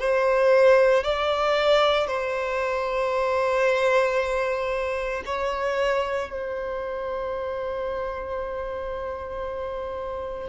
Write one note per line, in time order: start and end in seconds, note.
0.00 1.04 C5
1.04 2.08 D5
2.08 5.23 C5
5.26 6.31 C#5
6.31 10.50 C5